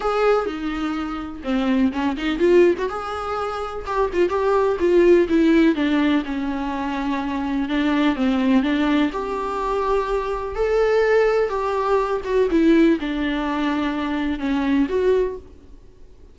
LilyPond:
\new Staff \with { instrumentName = "viola" } { \time 4/4 \tempo 4 = 125 gis'4 dis'2 c'4 | cis'8 dis'8 f'8. fis'16 gis'2 | g'8 f'8 g'4 f'4 e'4 | d'4 cis'2. |
d'4 c'4 d'4 g'4~ | g'2 a'2 | g'4. fis'8 e'4 d'4~ | d'2 cis'4 fis'4 | }